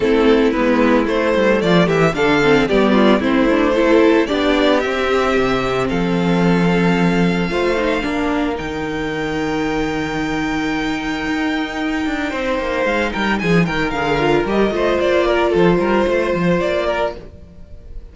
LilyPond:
<<
  \new Staff \with { instrumentName = "violin" } { \time 4/4 \tempo 4 = 112 a'4 b'4 c''4 d''8 e''8 | f''4 d''4 c''2 | d''4 e''2 f''4~ | f''1 |
g''1~ | g''1 | f''8 g''8 gis''8 g''8 f''4 dis''4 | d''4 c''2 d''4 | }
  \new Staff \with { instrumentName = "violin" } { \time 4/4 e'2. f'8 g'8 | a'4 g'8 f'8 e'4 a'4 | g'2. a'4~ | a'2 c''4 ais'4~ |
ais'1~ | ais'2. c''4~ | c''8 ais'8 gis'8 ais'2 c''8~ | c''8 ais'8 a'8 ais'8 c''4. ais'8 | }
  \new Staff \with { instrumentName = "viola" } { \time 4/4 c'4 b4 a2 | d'8 c'8 b4 c'8 d'8 e'4 | d'4 c'2.~ | c'2 f'8 dis'8 d'4 |
dis'1~ | dis'1~ | dis'2 gis'8 f'8 g'8 f'8~ | f'1 | }
  \new Staff \with { instrumentName = "cello" } { \time 4/4 a4 gis4 a8 g8 f8 e8 | d4 g4 a2 | b4 c'4 c4 f4~ | f2 a4 ais4 |
dis1~ | dis4 dis'4. d'8 c'8 ais8 | gis8 g8 f8 dis8 d4 g8 a8 | ais4 f8 g8 a8 f8 ais4 | }
>>